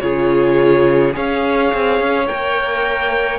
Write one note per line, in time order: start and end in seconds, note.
0.00 1.15 C#3
0.00 1.13 F4
0.00 1.16 G#4
0.00 1.13 C#5
1.13 1.73 C#4
1.13 2.26 G#4
1.13 3.39 C#5
1.13 2.28 F5
1.74 2.00 C4
2.00 2.29 C#4
2.28 3.39 A#3
2.28 3.39 A#4
2.28 3.39 G5